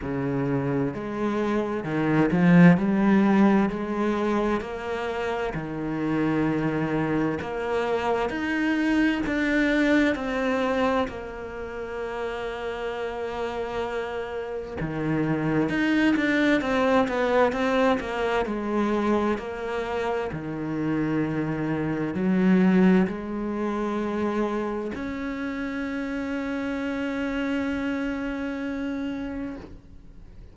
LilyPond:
\new Staff \with { instrumentName = "cello" } { \time 4/4 \tempo 4 = 65 cis4 gis4 dis8 f8 g4 | gis4 ais4 dis2 | ais4 dis'4 d'4 c'4 | ais1 |
dis4 dis'8 d'8 c'8 b8 c'8 ais8 | gis4 ais4 dis2 | fis4 gis2 cis'4~ | cis'1 | }